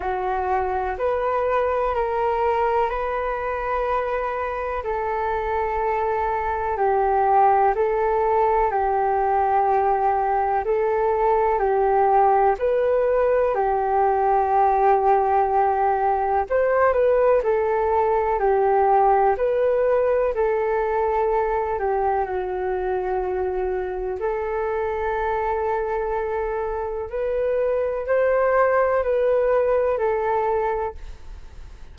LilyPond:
\new Staff \with { instrumentName = "flute" } { \time 4/4 \tempo 4 = 62 fis'4 b'4 ais'4 b'4~ | b'4 a'2 g'4 | a'4 g'2 a'4 | g'4 b'4 g'2~ |
g'4 c''8 b'8 a'4 g'4 | b'4 a'4. g'8 fis'4~ | fis'4 a'2. | b'4 c''4 b'4 a'4 | }